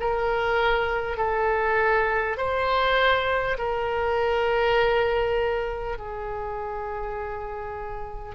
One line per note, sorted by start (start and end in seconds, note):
0.00 1.17 A#4
1.17 2.37 A4
2.37 3.57 C5
3.58 5.98 A#4
5.98 8.35 G#4